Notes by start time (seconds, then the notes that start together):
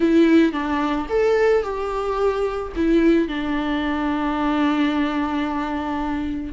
0.00 E4
0.52 D4
1.09 A4
1.63 G4
2.75 E4
3.28 D4